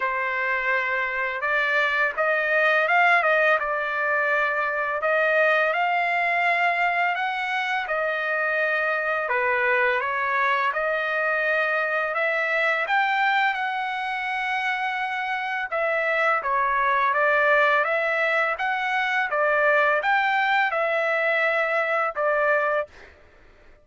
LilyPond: \new Staff \with { instrumentName = "trumpet" } { \time 4/4 \tempo 4 = 84 c''2 d''4 dis''4 | f''8 dis''8 d''2 dis''4 | f''2 fis''4 dis''4~ | dis''4 b'4 cis''4 dis''4~ |
dis''4 e''4 g''4 fis''4~ | fis''2 e''4 cis''4 | d''4 e''4 fis''4 d''4 | g''4 e''2 d''4 | }